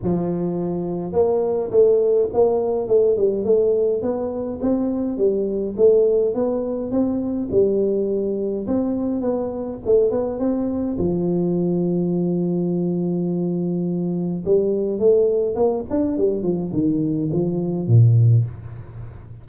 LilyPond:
\new Staff \with { instrumentName = "tuba" } { \time 4/4 \tempo 4 = 104 f2 ais4 a4 | ais4 a8 g8 a4 b4 | c'4 g4 a4 b4 | c'4 g2 c'4 |
b4 a8 b8 c'4 f4~ | f1~ | f4 g4 a4 ais8 d'8 | g8 f8 dis4 f4 ais,4 | }